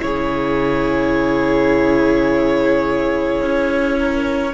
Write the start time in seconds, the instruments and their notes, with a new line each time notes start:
0.00 cello C#3, viola E4, violin G#4 C#5
3.42 cello C#4
3.98 violin A#4